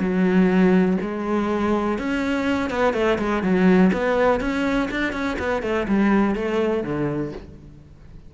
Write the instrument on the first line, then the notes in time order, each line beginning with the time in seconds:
cello
0.00 F#3
1.02 G#3
1.99 C#4
2.71 B3
2.94 A3
3.19 G#3
3.43 F#3
3.93 B3
4.41 C#4
4.91 D4
5.13 C#4
5.39 B3
5.63 A3
5.88 G3
6.35 A3
6.84 D3